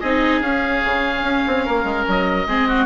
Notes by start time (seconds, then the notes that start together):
0.00 C4 D#4 G#4 D#5
0.41 C#4 F5
0.84 C#3
1.22 C#4
1.47 C4
1.65 A#3 A#4
1.84 G#3
2.07 F#3 D#5
2.46 G#3 C4 G#4
2.68 F#4